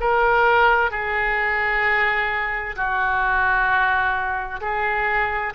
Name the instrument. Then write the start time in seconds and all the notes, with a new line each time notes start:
oboe
0.00 A#4
0.91 G#4
2.76 F#4
4.61 G#4